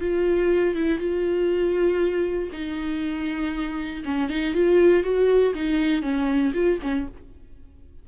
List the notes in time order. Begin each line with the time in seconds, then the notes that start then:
0.00 F4
0.75 E4
0.98 F4
2.52 D#4
4.05 C#4
4.29 D#4
4.54 F4
5.03 F#4
5.54 D#4
6.02 C#4
6.54 F4
6.82 C#4